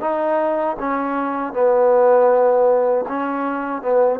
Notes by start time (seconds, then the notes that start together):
0.00 D#4
0.79 C#4
1.53 B3
3.08 C#4
3.81 B3